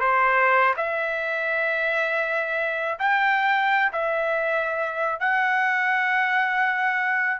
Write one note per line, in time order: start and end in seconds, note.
0.00 0.74 C5
0.76 2.98 E5
2.99 3.91 G5
3.93 5.20 E5
5.20 7.40 F#5